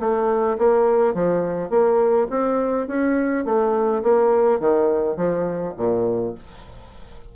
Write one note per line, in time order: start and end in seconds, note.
0.00 0.58 A3
0.58 1.14 A#3
1.14 1.70 F3
1.70 2.28 A#3
2.31 2.88 C4
2.88 3.45 C#4
3.45 4.03 A3
4.03 4.60 A#3
4.60 5.17 D#3
5.17 5.75 F3
5.77 6.35 A#2